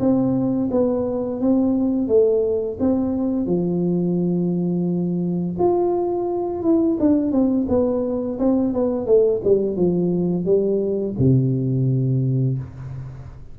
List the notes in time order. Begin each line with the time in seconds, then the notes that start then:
0.00 C4
0.71 B3
1.40 C4
2.08 A3
2.80 C4
3.47 F3
5.59 F4
6.63 E4
7.00 D4
7.32 C4
7.69 B3
8.39 C4
8.73 B3
9.06 A3
9.44 G3
9.76 F3
10.45 G3
11.19 C3